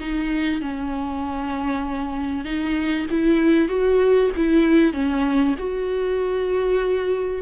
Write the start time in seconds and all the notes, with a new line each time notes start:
0.00 D#4
0.61 C#4
2.45 D#4
3.10 E4
3.69 F#4
4.36 E4
4.93 C#4
5.59 F#4